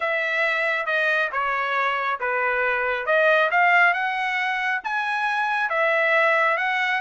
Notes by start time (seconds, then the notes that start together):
0.00 E5
0.86 D#5
1.32 C#5
2.19 B4
3.06 D#5
3.50 F5
3.93 F#5
4.84 G#5
5.69 E5
6.57 F#5